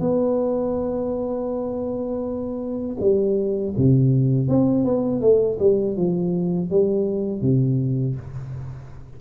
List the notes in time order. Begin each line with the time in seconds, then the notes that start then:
0.00 B3
3.00 G3
3.77 C3
4.48 C4
4.84 B3
5.21 A3
5.59 G3
5.96 F3
6.70 G3
7.41 C3